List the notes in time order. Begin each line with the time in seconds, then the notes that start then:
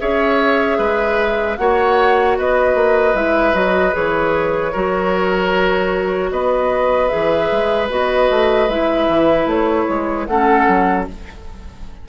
0.00 C#4 G#4 C#5 E5
0.78 G#3 B4
1.57 A#3 F#4 C#5 F#5
2.38 B3 B4 D#5
2.75 A#3
3.14 G#3 E4 E5
3.54 F#3 F#4 D#5
3.92 E3 G#4 C#5
4.72 F#3 F#4 A#4
6.31 B3 B4 D#5
7.08 G#4 E5
7.14 E3
7.51 G#3
7.89 B3 F#4 D#5
8.30 A3
8.69 G#3 E4 E5
9.09 E3
9.47 A3 C#5
9.89 G#3
10.26 A3 C#4 A4 F#5
10.68 F#3